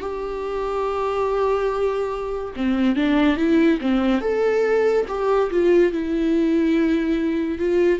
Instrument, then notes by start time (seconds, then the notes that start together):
viola
0.00 G4
2.56 C4
2.96 D4
3.36 E4
3.81 C4
4.21 A4
5.08 G4
5.51 F4
5.92 E4
7.59 F4